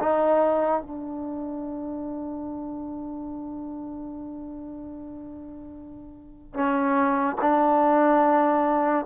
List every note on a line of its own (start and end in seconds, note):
0.00 0.81 D#4
0.81 6.54 D4
6.54 7.36 C#4
7.42 9.06 D4